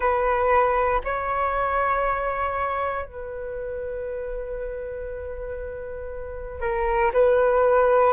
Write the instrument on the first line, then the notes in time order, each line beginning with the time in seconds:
flute
0.00 B4
1.04 C#5
3.05 B4
6.61 A#4
7.13 B4